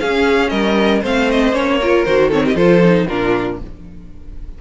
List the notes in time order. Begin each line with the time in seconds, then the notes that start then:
0.00 C#4 G#4 F5
0.50 G3 A#4 D#5
1.02 A3 C4 C5 F5
1.31 D#5
1.52 A#3 C#4 C#5
1.81 F4 A#4
2.05 D#3 F#4 C5
2.29 C4 A4 C#5
2.45 G4 D#5
2.55 F3 F4 A4 C5
2.83 D#4
3.07 A#2 D4 F4 A#4